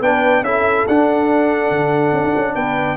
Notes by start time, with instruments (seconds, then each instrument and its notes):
0.00 tuba B3, trombone D4, horn B4, trumpet G5
0.42 tuba C#4, trombone E4, horn A4, trumpet E5
0.87 tuba D4, trombone D4, trumpet F#5
1.70 tuba D3
2.12 tuba C#4
2.24 tuba D4
2.36 tuba C#4
2.54 tuba B3, horn B4, trumpet G5